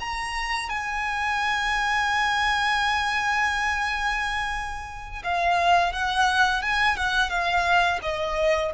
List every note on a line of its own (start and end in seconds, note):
0.00 0.69 A#5
0.69 5.23 G#5
5.24 5.93 F5
5.93 6.62 F#5
6.62 6.97 G#5
6.97 7.30 F#5
7.30 8.00 F5
8.03 8.72 D#5